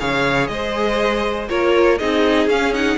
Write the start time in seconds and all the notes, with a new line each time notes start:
0.00 C#3 G#4 C#5 F5
0.48 G#3 C5 D#5
1.49 A#3 F4 A#4 C#5
1.99 C4 D#4 G#4 D#5
2.47 C#4 F5
2.74 D#4 F#5